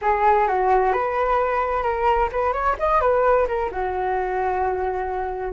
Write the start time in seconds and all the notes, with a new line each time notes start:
0.01 G#4
0.47 F#4
0.92 B4
1.83 A#4
2.32 B4
2.53 C#5
2.79 D#5
3.01 B4
3.47 A#4
3.71 F#4